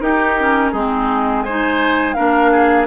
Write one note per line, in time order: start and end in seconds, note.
0.00 0.36 D#4
0.00 0.73 D#4
0.00 0.72 G4
0.00 0.72 A#4
0.39 0.75 C#4
0.72 2.17 G#3
0.72 1.47 C4
0.72 1.44 D#4
0.72 1.43 G#4
1.43 2.15 D#4
1.43 2.16 C5
1.43 2.14 G#5
2.14 2.87 A#3
2.14 2.87 D4
2.14 2.51 A#4
2.14 2.86 F5
2.51 2.87 G#4